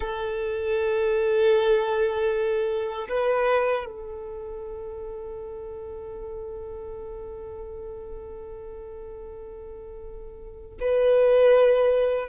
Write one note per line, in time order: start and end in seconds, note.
0.00 3.08 A4
3.08 3.85 B4
3.85 10.77 A4
10.80 12.29 B4